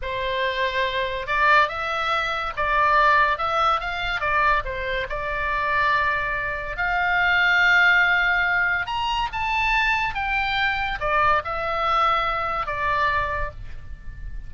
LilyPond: \new Staff \with { instrumentName = "oboe" } { \time 4/4 \tempo 4 = 142 c''2. d''4 | e''2 d''2 | e''4 f''4 d''4 c''4 | d''1 |
f''1~ | f''4 ais''4 a''2 | g''2 d''4 e''4~ | e''2 d''2 | }